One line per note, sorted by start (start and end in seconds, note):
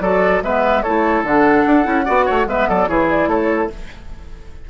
0.00 0.41 F#3
0.00 0.43 F#4
0.00 0.43 A4
0.00 0.41 D5
0.42 0.83 G#3
0.42 0.84 B3
0.42 0.82 B4
0.42 0.82 E5
0.82 1.23 A3
0.82 1.25 E4
0.82 2.04 A4
0.82 1.23 C#5
1.23 1.63 D3
1.23 1.83 D4
1.23 2.48 F#5
1.66 1.86 D4
1.83 2.06 C#4
1.83 2.03 E4
2.04 2.29 B3
2.04 2.46 F#4
2.04 2.25 D5
2.25 2.46 A3
2.25 2.46 C#5
2.46 2.66 G#3
2.46 2.88 B3
2.46 2.68 B4
2.46 2.69 E5
2.68 2.88 F#3
2.68 2.88 A4
2.68 2.87 D5
2.87 3.27 E3
2.87 3.69 E4
2.87 3.29 G#4
2.87 3.07 C#5
3.09 3.29 D5
3.27 3.68 A3
3.27 3.70 A4
3.27 3.70 C#5